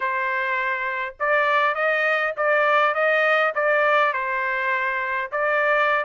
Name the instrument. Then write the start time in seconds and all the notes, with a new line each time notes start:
trumpet
0.00 C5
1.19 D5
1.74 D#5
2.36 D5
2.94 D#5
3.54 D5
4.13 C5
5.31 D5